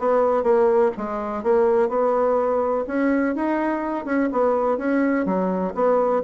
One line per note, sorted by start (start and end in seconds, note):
0.00 0.44 B3
0.44 0.92 A#3
0.98 1.44 G#3
1.44 1.90 A#3
1.90 2.86 B3
2.88 3.36 C#4
3.36 4.06 D#4
4.06 4.30 C#4
4.33 4.78 B3
4.78 5.26 C#4
5.26 5.74 F#3
5.75 6.23 B3